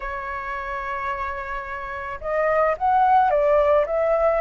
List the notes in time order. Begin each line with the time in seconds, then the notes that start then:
0.00 C#5
2.20 D#5
2.77 F#5
3.30 D5
3.85 E5